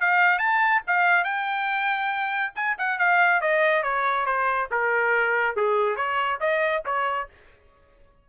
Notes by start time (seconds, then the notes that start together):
0.00 F5
0.38 A5
0.87 F5
1.24 G5
2.55 G#5
2.78 F#5
2.98 F5
3.41 D#5
3.83 C#5
4.25 C5
4.70 A#4
5.56 G#4
5.96 C#5
6.40 D#5
6.85 C#5